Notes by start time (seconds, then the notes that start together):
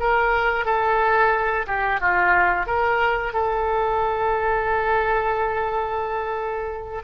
0.00 A#4
0.66 A4
1.67 G4
2.01 F4
2.67 A#4
3.34 A4